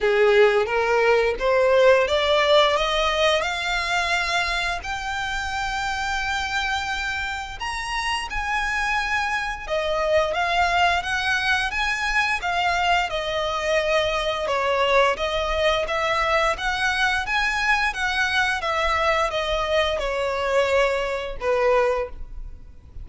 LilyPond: \new Staff \with { instrumentName = "violin" } { \time 4/4 \tempo 4 = 87 gis'4 ais'4 c''4 d''4 | dis''4 f''2 g''4~ | g''2. ais''4 | gis''2 dis''4 f''4 |
fis''4 gis''4 f''4 dis''4~ | dis''4 cis''4 dis''4 e''4 | fis''4 gis''4 fis''4 e''4 | dis''4 cis''2 b'4 | }